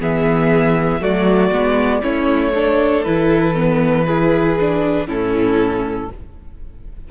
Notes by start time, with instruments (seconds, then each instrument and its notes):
0.00 cello E3, viola B3, violin G#4 E5
1.00 cello F#3, viola A3, violin F#4 D5
1.51 cello G#3, viola B3
2.02 cello A3, viola C#4, violin E4 C#5
2.55 viola D4, violin A4
3.04 cello E3, viola E4, violin B4
3.55 viola B3
4.06 viola E4, violin G#4
4.60 viola D4
5.07 cello A2, viola C#4, violin E4 A4